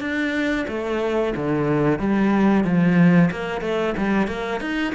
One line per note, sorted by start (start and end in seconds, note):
0.00 0.66 D4
0.68 1.34 A3
1.36 1.99 D3
1.99 2.64 G3
2.64 3.30 F3
3.31 3.61 A#3
3.61 3.94 A3
3.97 4.28 G3
4.28 4.61 A#3
4.61 4.94 D#4